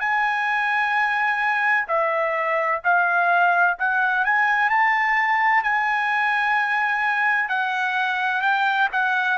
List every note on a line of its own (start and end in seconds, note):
0.00 1.87 G#5
1.88 2.82 E5
2.84 3.78 F5
3.79 4.25 F#5
4.25 4.70 G#5
4.70 5.63 A5
5.63 7.49 G#5
7.49 8.42 F#5
8.42 8.88 G5
8.92 9.38 F#5